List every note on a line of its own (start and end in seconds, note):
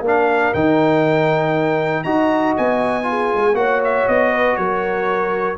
0.00 0.50 A#3
0.00 0.54 D4
0.00 2.04 A#4
0.07 0.53 F5
0.53 2.04 D#3
0.53 2.05 D#4
0.53 2.03 G5
2.03 2.55 D#4
2.03 3.03 F#4
2.03 3.05 D#5
2.03 2.53 A#5
2.56 3.33 B3
2.56 3.55 G#5
3.03 3.53 F4
3.03 3.57 G#4
3.33 3.53 G#3
3.53 4.04 A#3
3.53 5.56 F#4
3.53 4.31 C#5
3.53 3.80 F#5
3.84 4.07 E5
4.07 4.57 B3
4.07 4.56 D#5
4.31 4.56 B4
4.56 5.57 F#3
4.56 5.57 A#4
4.56 5.57 C#5